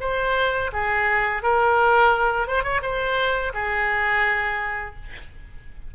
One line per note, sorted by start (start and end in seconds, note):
0.00 0.71 C5
0.72 1.42 G#4
1.42 2.47 A#4
2.47 2.63 C5
2.63 2.80 C#5
2.82 3.52 C5
3.53 4.94 G#4